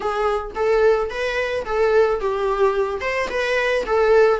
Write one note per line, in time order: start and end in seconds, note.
0.00 0.51 G#4
0.55 1.09 A4
1.09 1.64 B4
1.65 2.20 A4
2.20 3.01 G4
3.01 3.28 C5
3.29 3.84 B4
3.86 4.40 A4